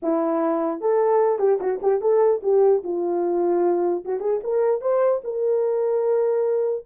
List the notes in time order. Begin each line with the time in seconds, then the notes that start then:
0.02 E4
0.80 A4
1.39 G4
1.60 F#4
1.82 G4
2.01 A4
2.43 G4
2.83 F4
4.05 F#4
4.20 G#4
4.43 A#4
4.81 C5
5.24 A#4